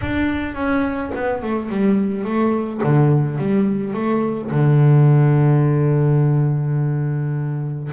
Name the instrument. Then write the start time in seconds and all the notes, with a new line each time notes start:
double bass
0.01 D4
0.54 C#4
1.15 B3
1.42 A3
1.69 G3
2.24 A3
2.83 D3
3.38 G3
3.93 A3
4.51 D3